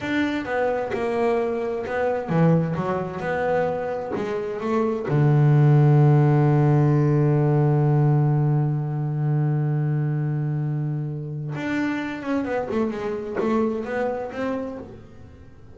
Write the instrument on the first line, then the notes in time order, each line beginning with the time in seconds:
double bass
0.00 D4
0.45 B3
0.93 A#3
1.86 B3
2.29 E3
2.75 F#3
3.20 B3
4.15 G#3
4.60 A3
5.08 D3
11.55 D4
12.22 C#4
12.44 B3
12.70 A3
12.90 G#3
13.40 A3
13.85 B3
14.32 C4